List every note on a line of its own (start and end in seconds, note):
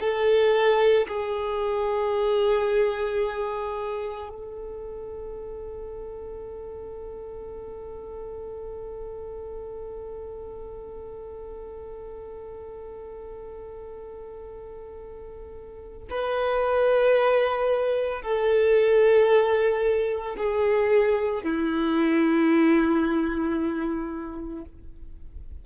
0.00 1.07 A4
1.08 4.29 G#4
4.29 16.08 A4
16.10 18.22 B4
18.22 20.36 A4
20.37 21.43 G#4
21.43 24.64 E4